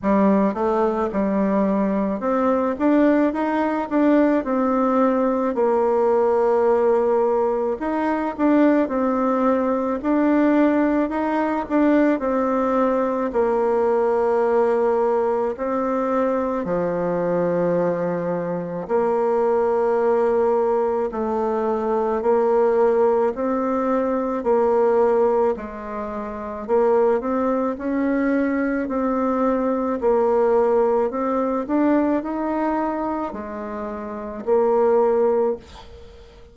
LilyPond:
\new Staff \with { instrumentName = "bassoon" } { \time 4/4 \tempo 4 = 54 g8 a8 g4 c'8 d'8 dis'8 d'8 | c'4 ais2 dis'8 d'8 | c'4 d'4 dis'8 d'8 c'4 | ais2 c'4 f4~ |
f4 ais2 a4 | ais4 c'4 ais4 gis4 | ais8 c'8 cis'4 c'4 ais4 | c'8 d'8 dis'4 gis4 ais4 | }